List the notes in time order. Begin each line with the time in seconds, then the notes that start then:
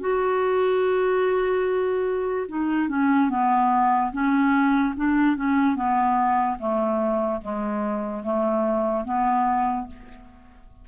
0.00 F#4
2.48 D#4
2.89 C#4
3.30 B3
4.12 C#4
4.96 D4
5.36 C#4
5.75 B3
6.59 A3
7.41 G#3
8.23 A3
9.04 B3